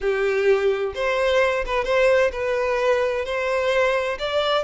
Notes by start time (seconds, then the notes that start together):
0.00 G4
0.95 C5
1.65 B4
1.84 C5
2.32 B4
3.25 C5
4.18 D5